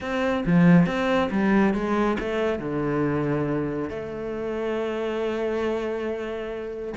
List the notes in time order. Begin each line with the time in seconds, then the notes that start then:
0.01 C4
0.46 F3
0.86 C4
1.31 G3
1.74 G#3
2.19 A3
2.59 D3
3.89 A3